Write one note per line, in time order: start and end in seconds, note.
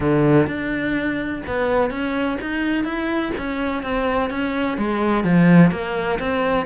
0.00 0.46 D3
0.47 1.42 D4
1.46 1.90 B3
1.90 2.37 C#4
2.41 2.84 D#4
2.84 3.31 E4
3.37 3.82 C#4
3.82 4.30 C4
4.30 4.77 C#4
4.77 5.24 G#3
5.24 5.71 F3
5.71 6.18 A#3
6.19 6.66 C4